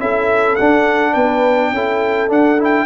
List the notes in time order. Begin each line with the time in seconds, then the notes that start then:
0.00 C#4 E4 A4 E5
0.56 D4 F#5
1.13 B3 B4 G5
1.72 C#4 E4 A4
2.28 D4 F#5
2.59 E4 G5